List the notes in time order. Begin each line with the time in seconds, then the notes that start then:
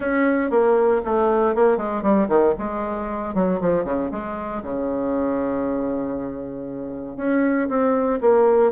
0.00 C#4
0.50 A#3
1.05 A3
1.55 A#3
1.77 G#3
2.02 G3
2.28 D#3
2.58 G#3
3.34 F#3
3.60 F3
3.84 C#3
4.11 G#3
4.62 C#3
7.17 C#4
7.68 C4
8.21 A#3